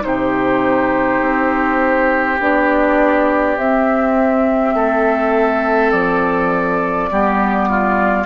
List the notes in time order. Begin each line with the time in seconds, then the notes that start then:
0.00 C3 D#4 G4 C5
1.21 C4
2.40 B3 D4 D5
3.56 C4 E5
4.74 A3 A4
5.91 F3 D5
7.09 G3 B3 G4
7.69 F4